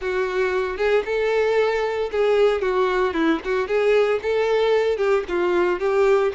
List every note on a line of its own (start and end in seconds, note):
0.01 0.77 F#4
0.77 1.03 G#4
1.05 2.10 A4
2.11 2.61 G#4
2.61 3.13 F#4
3.13 3.39 E4
3.44 3.67 F#4
3.67 4.20 G#4
4.22 4.97 A4
4.97 5.23 G4
5.28 5.79 F4
5.79 6.32 G4